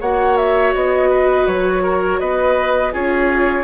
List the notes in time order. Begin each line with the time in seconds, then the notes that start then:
0.00 A#3 F#4 C#5 F#5
0.37 E5
0.74 B3 D#5
1.10 B4
1.47 F#3 C#5
1.83 A#4
2.20 B3 B4 D#5
2.92 C#4 F4 G#4 C#5